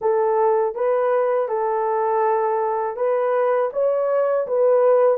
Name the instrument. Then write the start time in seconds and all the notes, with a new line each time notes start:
horn
0.01 A4
0.74 B4
1.48 A4
2.96 B4
3.72 C#5
4.46 B4